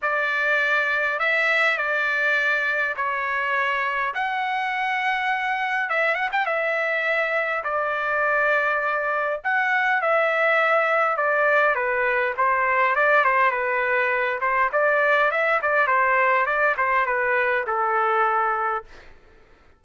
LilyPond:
\new Staff \with { instrumentName = "trumpet" } { \time 4/4 \tempo 4 = 102 d''2 e''4 d''4~ | d''4 cis''2 fis''4~ | fis''2 e''8 fis''16 g''16 e''4~ | e''4 d''2. |
fis''4 e''2 d''4 | b'4 c''4 d''8 c''8 b'4~ | b'8 c''8 d''4 e''8 d''8 c''4 | d''8 c''8 b'4 a'2 | }